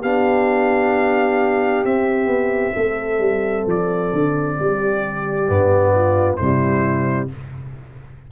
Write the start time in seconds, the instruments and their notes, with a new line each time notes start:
0.00 tuba B3, trombone D4, horn G4, trumpet F5
1.84 tuba C4, trombone C4, trumpet E5
2.26 tuba B3
2.75 tuba A3, horn A4
3.18 tuba G3
3.66 tuba F3, trumpet D5
4.13 tuba D3
4.59 tuba G3, horn G4
5.47 tuba G2, trombone B3
5.95 horn F4
6.36 tuba C3, trombone G3, horn E4, trumpet C5